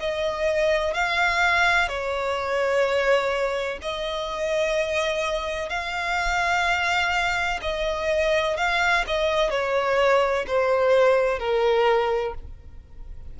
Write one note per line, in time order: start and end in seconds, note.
0.00 0.94 D#5
0.94 1.88 F5
1.88 3.79 C#5
3.82 5.70 D#5
5.70 7.60 F5
7.62 8.57 D#5
8.57 9.05 F5
9.07 9.51 D#5
9.51 10.46 C#5
10.47 11.39 C5
11.39 12.34 A#4